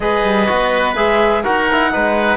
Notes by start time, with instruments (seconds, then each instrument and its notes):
0.00 cello G#3, trombone G#4, oboe B4, clarinet D#5
0.24 cello G3
0.46 cello B3, trombone F#4
0.95 cello G#3, trombone G#4, clarinet E5
1.43 cello D#4, trombone F#4, oboe A#4, clarinet F#5
1.71 trombone E4
1.91 cello G#3, trombone D#4, oboe B4